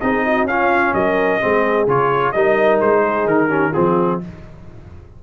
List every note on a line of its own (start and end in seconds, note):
0.00 0.44 C4
0.00 0.48 D#4
0.00 0.25 G#4
0.00 0.47 D#5
0.25 0.48 F#4
0.44 0.91 C#4
0.44 1.40 C#4
0.44 0.95 F4
0.44 0.94 F5
0.93 1.40 F#3
0.93 1.40 A#4
0.93 1.87 D#5
1.40 1.87 G#3
1.40 1.87 C4
1.40 2.33 G#4
1.87 2.33 C#3
1.87 2.34 F4
1.87 2.31 C#5
2.31 2.80 G3
2.31 3.49 D#4
2.31 3.01 A#4
2.31 2.78 D#5
2.80 3.26 G#3
2.80 3.27 C5
3.01 3.48 G#4
3.26 3.72 D#3
3.26 3.73 A#4
3.48 3.72 C#4
3.48 3.71 G4
3.71 4.23 F3
3.71 4.21 C4
3.71 4.17 F4
3.71 4.20 G#4